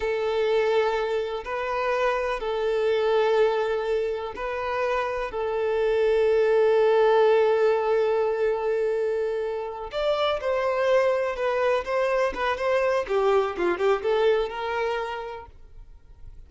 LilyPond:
\new Staff \with { instrumentName = "violin" } { \time 4/4 \tempo 4 = 124 a'2. b'4~ | b'4 a'2.~ | a'4 b'2 a'4~ | a'1~ |
a'1~ | a'8 d''4 c''2 b'8~ | b'8 c''4 b'8 c''4 g'4 | f'8 g'8 a'4 ais'2 | }